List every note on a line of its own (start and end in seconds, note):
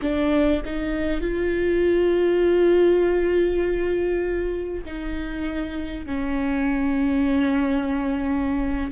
0.01 0.62 D4
0.65 1.20 D#4
1.20 4.84 F4
4.85 6.06 D#4
6.06 8.91 C#4